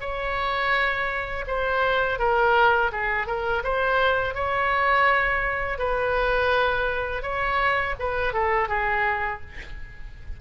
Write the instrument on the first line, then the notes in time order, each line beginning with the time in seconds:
oboe
0.00 C#5
1.47 C5
2.19 A#4
2.91 G#4
3.27 A#4
3.63 C5
4.34 C#5
5.78 B4
7.22 C#5
7.99 B4
8.33 A4
8.68 G#4